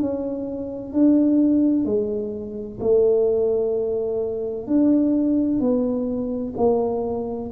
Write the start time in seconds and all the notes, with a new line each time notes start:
0.00 C#4
0.93 D4
1.85 G#3
2.80 A3
4.67 D4
5.60 B3
6.58 A#3